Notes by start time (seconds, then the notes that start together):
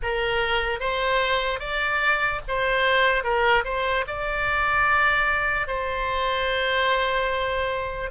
0.02 A#4
0.80 C5
1.59 D5
2.48 C5
3.23 A#4
3.64 C5
4.07 D5
5.67 C5